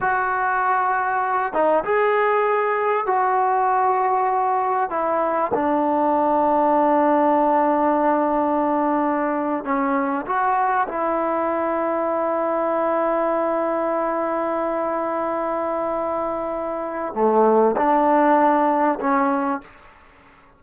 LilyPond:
\new Staff \with { instrumentName = "trombone" } { \time 4/4 \tempo 4 = 98 fis'2~ fis'8 dis'8 gis'4~ | gis'4 fis'2. | e'4 d'2.~ | d'2.~ d'8. cis'16~ |
cis'8. fis'4 e'2~ e'16~ | e'1~ | e'1 | a4 d'2 cis'4 | }